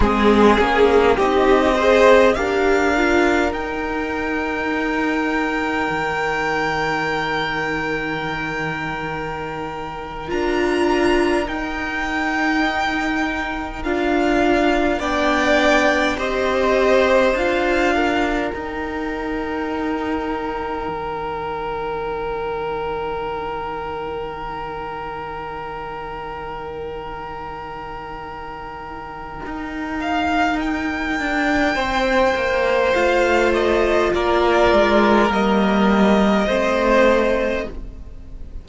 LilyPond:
<<
  \new Staff \with { instrumentName = "violin" } { \time 4/4 \tempo 4 = 51 gis'4 dis''4 f''4 g''4~ | g''1~ | g''8. ais''4 g''2 f''16~ | f''8. g''4 dis''4 f''4 g''16~ |
g''1~ | g''1~ | g''4. f''8 g''2 | f''8 dis''8 d''4 dis''2 | }
  \new Staff \with { instrumentName = "violin" } { \time 4/4 gis'4 g'8 c''8 ais'2~ | ais'1~ | ais'1~ | ais'8. d''4 c''4. ais'8.~ |
ais'1~ | ais'1~ | ais'2. c''4~ | c''4 ais'2 c''4 | }
  \new Staff \with { instrumentName = "viola" } { \time 4/4 c'8 cis'8 dis'8 gis'8 g'8 f'8 dis'4~ | dis'1~ | dis'8. f'4 dis'2 f'16~ | f'8. d'4 g'4 f'4 dis'16~ |
dis'1~ | dis'1~ | dis'1 | f'2 ais4 c'4 | }
  \new Staff \with { instrumentName = "cello" } { \time 4/4 gis8 ais8 c'4 d'4 dis'4~ | dis'4 dis2.~ | dis8. d'4 dis'2 d'16~ | d'8. b4 c'4 d'4 dis'16~ |
dis'4.~ dis'16 dis2~ dis16~ | dis1~ | dis4 dis'4. d'8 c'8 ais8 | a4 ais8 gis8 g4 a4 | }
>>